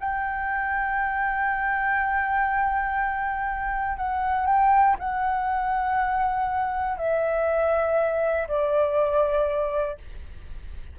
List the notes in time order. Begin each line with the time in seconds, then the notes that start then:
0.00 G5
3.97 F#5
4.46 G5
4.99 F#5
6.98 E5
8.48 D5